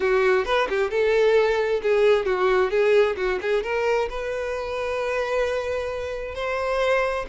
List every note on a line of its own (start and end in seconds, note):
0.00 0.45 F#4
0.45 0.68 B4
0.69 0.90 G4
0.90 1.81 A4
1.82 2.25 G#4
2.25 2.70 F#4
2.70 3.15 G#4
3.16 3.39 F#4
3.41 3.63 G#4
3.63 4.08 A#4
4.09 6.34 B4
6.34 7.25 C5